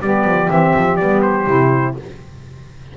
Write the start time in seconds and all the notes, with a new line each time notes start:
0.00 G3 B3 G4 D5
0.24 F3
0.48 E3 C4 E5
0.76 F3
0.96 G3 B3 D5
1.22 C5
1.46 C3 E4